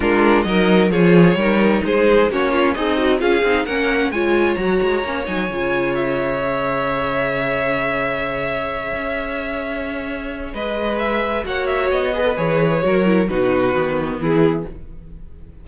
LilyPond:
<<
  \new Staff \with { instrumentName = "violin" } { \time 4/4 \tempo 4 = 131 ais'4 dis''4 cis''2 | c''4 cis''4 dis''4 f''4 | fis''4 gis''4 ais''4. gis''8~ | gis''4 e''2.~ |
e''1~ | e''2. dis''4 | e''4 fis''8 e''8 dis''4 cis''4~ | cis''4 b'2 gis'4 | }
  \new Staff \with { instrumentName = "violin" } { \time 4/4 f'4 ais'4 gis'4 ais'4 | gis'4 fis'8 f'8 dis'4 gis'4 | ais'4 cis''2.~ | cis''1~ |
cis''1~ | cis''2. b'4~ | b'4 cis''4. b'4. | ais'4 fis'2 e'4 | }
  \new Staff \with { instrumentName = "viola" } { \time 4/4 d'4 dis'4 f'4 dis'4~ | dis'4 cis'4 gis'8 fis'8 f'8 dis'8 | cis'4 f'4 fis'4 cis'8 dis'8 | f'2 gis'2~ |
gis'1~ | gis'1~ | gis'4 fis'4. gis'16 a'16 gis'4 | fis'8 e'8 dis'4 b2 | }
  \new Staff \with { instrumentName = "cello" } { \time 4/4 gis4 fis4 f4 g4 | gis4 ais4 c'4 cis'8 c'8 | ais4 gis4 fis8 gis8 ais8 fis8 | cis1~ |
cis2.~ cis8 cis'8~ | cis'2. gis4~ | gis4 ais4 b4 e4 | fis4 b,4 dis4 e4 | }
>>